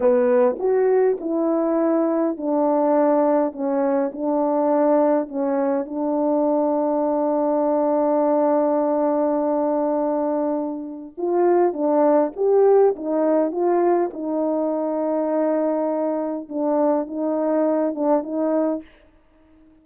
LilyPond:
\new Staff \with { instrumentName = "horn" } { \time 4/4 \tempo 4 = 102 b4 fis'4 e'2 | d'2 cis'4 d'4~ | d'4 cis'4 d'2~ | d'1~ |
d'2. f'4 | d'4 g'4 dis'4 f'4 | dis'1 | d'4 dis'4. d'8 dis'4 | }